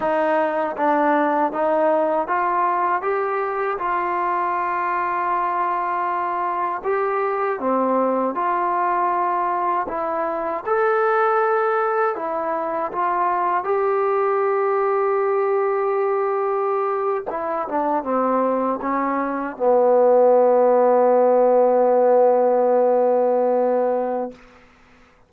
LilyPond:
\new Staff \with { instrumentName = "trombone" } { \time 4/4 \tempo 4 = 79 dis'4 d'4 dis'4 f'4 | g'4 f'2.~ | f'4 g'4 c'4 f'4~ | f'4 e'4 a'2 |
e'4 f'4 g'2~ | g'2~ g'8. e'8 d'8 c'16~ | c'8. cis'4 b2~ b16~ | b1 | }